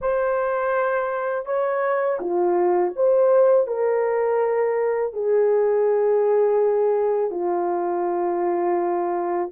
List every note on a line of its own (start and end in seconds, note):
0.01 1.45 C5
1.45 2.19 C#5
2.20 2.93 F4
2.96 3.67 C5
3.67 5.13 A#4
5.13 7.30 G#4
7.30 9.50 F4